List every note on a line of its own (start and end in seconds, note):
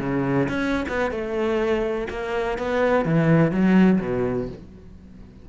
0.00 0.48 C#3
0.49 0.85 C#4
0.89 1.11 B3
1.11 2.08 A3
2.10 2.58 A#3
2.58 3.05 B3
3.05 3.52 E3
3.52 4.00 F#3
4.00 4.49 B2